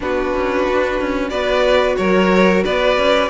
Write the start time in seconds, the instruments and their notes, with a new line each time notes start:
0.00 cello B3, viola D4, violin F#4 B4
0.34 cello C#4
0.68 cello D4
1.01 cello C#4
1.29 cello B3, viola F#4, violin B4 D5
1.96 cello F#3, violin A#4 C#5
2.63 cello B3, violin B4 D5
2.97 cello C#4